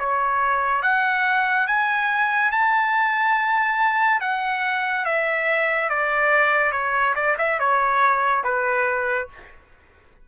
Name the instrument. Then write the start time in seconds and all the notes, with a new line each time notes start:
trumpet
0.00 C#5
0.83 F#5
1.67 G#5
2.52 A5
4.21 F#5
5.06 E5
5.90 D5
6.72 C#5
7.16 D5
7.39 E5
7.60 C#5
8.44 B4